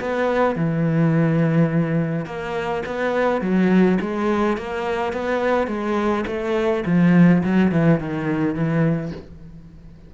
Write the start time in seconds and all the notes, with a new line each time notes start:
0.00 B3
0.55 E3
2.25 A#3
2.86 B3
3.41 F#3
4.01 G#3
4.57 A#3
5.12 B3
5.67 G#3
6.27 A3
6.85 F3
7.43 F#3
7.71 E3
8.00 D#3
8.55 E3